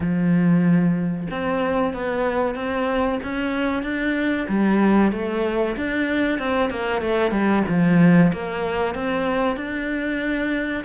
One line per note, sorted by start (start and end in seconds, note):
0.00 1.27 F3
1.30 1.93 C4
1.93 2.55 B3
2.55 3.19 C4
3.23 3.82 C#4
3.82 4.46 D4
4.48 5.12 G3
5.12 5.76 A3
5.76 6.38 D4
6.38 6.70 C4
6.70 7.01 A#3
7.01 7.31 A3
7.31 7.63 G3
7.68 8.32 F3
8.32 8.94 A#3
8.94 9.56 C4
9.56 10.84 D4